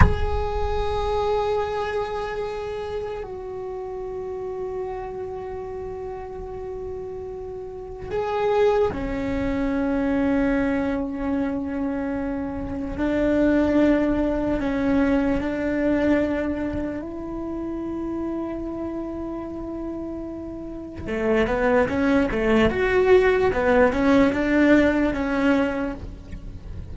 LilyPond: \new Staff \with { instrumentName = "cello" } { \time 4/4 \tempo 4 = 74 gis'1 | fis'1~ | fis'2 gis'4 cis'4~ | cis'1 |
d'2 cis'4 d'4~ | d'4 e'2.~ | e'2 a8 b8 cis'8 a8 | fis'4 b8 cis'8 d'4 cis'4 | }